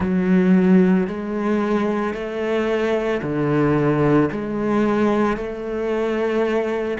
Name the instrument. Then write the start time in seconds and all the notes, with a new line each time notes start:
cello
0.00 F#3
1.07 G#3
2.14 A3
3.22 D3
4.31 G#3
5.36 A3